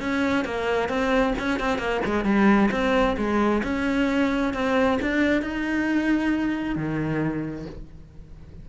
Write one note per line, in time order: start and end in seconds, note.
0.00 0.45 C#4
0.45 0.89 A#3
0.89 1.34 C4
1.39 1.60 C#4
1.60 1.78 C4
1.78 2.01 A#3
2.05 2.25 G#3
2.25 2.70 G3
2.71 3.17 C4
3.17 3.63 G#3
3.64 4.54 C#4
4.54 4.99 C4
5.02 5.42 D4
5.42 6.76 D#4
6.76 7.66 D#3